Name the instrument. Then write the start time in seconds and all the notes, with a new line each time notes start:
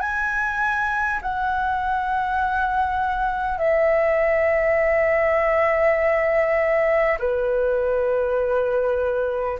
flute
0.00 G#5
1.22 F#5
3.58 E5
7.19 B4